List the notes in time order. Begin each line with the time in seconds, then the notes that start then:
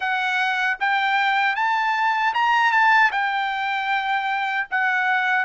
0.00 F#5
0.80 G5
1.55 A5
2.33 A#5
2.72 A5
3.11 G5
4.70 F#5